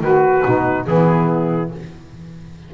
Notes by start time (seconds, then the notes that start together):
0.00 D#3 F#4 B4
0.44 B2 D#4
0.87 E3 B3 E4 G#4